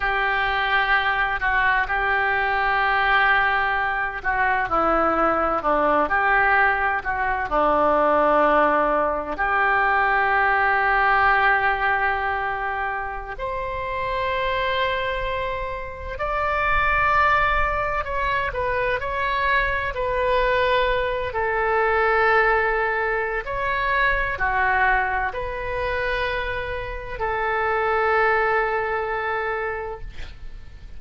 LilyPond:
\new Staff \with { instrumentName = "oboe" } { \time 4/4 \tempo 4 = 64 g'4. fis'8 g'2~ | g'8 fis'8 e'4 d'8 g'4 fis'8 | d'2 g'2~ | g'2~ g'16 c''4.~ c''16~ |
c''4~ c''16 d''2 cis''8 b'16~ | b'16 cis''4 b'4. a'4~ a'16~ | a'4 cis''4 fis'4 b'4~ | b'4 a'2. | }